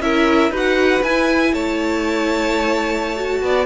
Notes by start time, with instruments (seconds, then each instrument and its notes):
0.00 cello C#4, viola E4, violin A#4 E5
0.50 cello D#4, viola F#4, violin B4
0.57 violin F#5
1.03 cello E4, viola E4, violin G#5
1.53 cello A3, violin C#5 A5
3.16 viola F#4
3.42 cello B3, violin D5